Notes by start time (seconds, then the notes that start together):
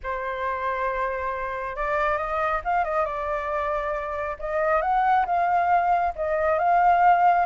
0.03 C5
1.75 D5
2.17 D#5
2.64 F5
2.84 D#5
3.05 D5
4.39 D#5
4.81 F#5
5.26 F5
6.15 D#5
6.58 F5